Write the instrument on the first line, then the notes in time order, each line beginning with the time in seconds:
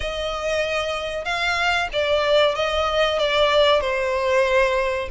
violin
0.00 D#5
1.24 F5
1.92 D5
2.55 D#5
3.18 D5
3.81 C5